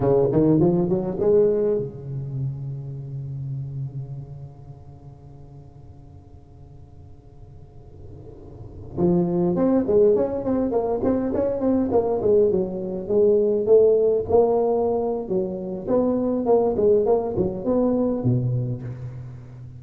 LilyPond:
\new Staff \with { instrumentName = "tuba" } { \time 4/4 \tempo 4 = 102 cis8 dis8 f8 fis8 gis4 cis4~ | cis1~ | cis1~ | cis2.~ cis16 f8.~ |
f16 c'8 gis8 cis'8 c'8 ais8 c'8 cis'8 c'16~ | c'16 ais8 gis8 fis4 gis4 a8.~ | a16 ais4.~ ais16 fis4 b4 | ais8 gis8 ais8 fis8 b4 b,4 | }